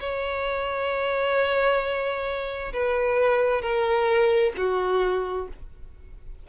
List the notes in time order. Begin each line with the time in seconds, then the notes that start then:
0.00 C#5
2.73 B4
3.62 A#4
4.57 F#4